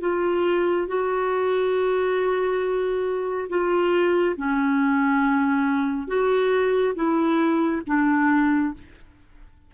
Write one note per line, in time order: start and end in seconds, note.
0.00 0.87 F4
0.87 3.48 F#4
3.49 4.36 F4
4.36 6.07 C#4
6.07 6.94 F#4
6.94 7.81 E4
7.86 8.73 D4